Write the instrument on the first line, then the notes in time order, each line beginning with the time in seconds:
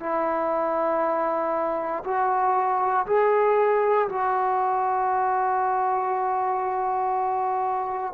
trombone
0.00 E4
2.04 F#4
3.06 G#4
4.09 F#4